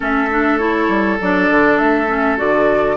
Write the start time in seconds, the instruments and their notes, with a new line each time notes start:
0.00 bassoon A3, clarinet C#4, oboe A4, flute E5
0.31 clarinet D4
0.58 clarinet E4, flute C#5
0.88 bassoon G3
1.20 bassoon F#3, clarinet D4, flute D5
1.50 bassoon D3
1.77 bassoon A3, flute E5
2.07 clarinet C#4
2.37 bassoon D3, clarinet F#4, flute D5